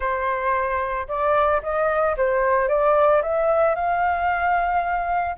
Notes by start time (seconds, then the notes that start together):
0.00 C5
1.08 D5
1.62 D#5
2.17 C5
2.68 D5
3.22 E5
3.75 F5